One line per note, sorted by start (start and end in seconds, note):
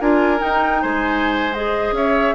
0.00 0.41 D4
0.00 0.38 F4
0.00 0.82 A#4
0.00 0.42 G#5
0.38 1.50 D#4
0.38 0.84 D#4
0.38 0.82 G5
0.82 1.92 G#3
0.82 1.94 C5
0.82 1.54 G#5
1.54 2.35 G#4
1.54 1.94 D#5
1.92 2.33 C#4
1.92 2.35 C#5
1.92 2.35 E5